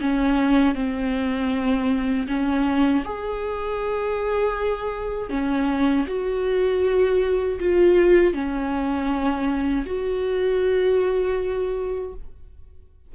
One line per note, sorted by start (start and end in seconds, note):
0.00 0.75 C#4
0.75 2.26 C4
2.28 3.03 C#4
3.04 5.29 G#4
5.29 6.05 C#4
6.07 7.59 F#4
7.59 8.33 F4
8.33 9.85 C#4
9.86 12.13 F#4